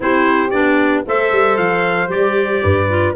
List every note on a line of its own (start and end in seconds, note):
0.00 0.53 C4
0.00 0.49 E4
0.00 1.06 G4
0.00 0.50 C5
0.50 1.05 B3
0.50 1.05 D4
0.50 1.03 D5
1.05 1.32 A3
1.05 2.08 A4
1.05 2.62 C5
1.05 1.57 E5
1.32 1.57 G3
1.57 2.08 F3
1.57 2.09 F5
2.08 2.61 G3
2.08 2.87 G4
2.08 3.15 D5
2.62 3.15 G2
2.62 3.15 B4
2.88 3.15 F4